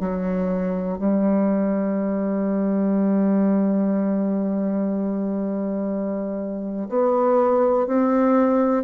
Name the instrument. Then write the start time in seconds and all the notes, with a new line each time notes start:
bassoon
0.00 F#3
0.99 G3
6.89 B3
7.87 C4